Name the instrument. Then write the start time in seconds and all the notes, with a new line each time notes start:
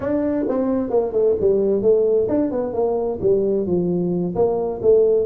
tuba
0.00 D4
0.48 C4
0.90 A#3
1.12 A3
1.40 G3
1.82 A3
2.28 D4
2.51 B3
2.73 A#3
3.21 G3
3.66 F3
4.35 A#3
4.82 A3